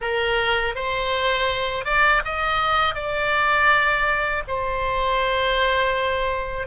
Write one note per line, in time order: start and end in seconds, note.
0.01 0.75 A#4
0.75 1.85 C5
1.85 2.22 D5
2.24 2.95 D#5
2.95 4.43 D5
4.47 6.67 C5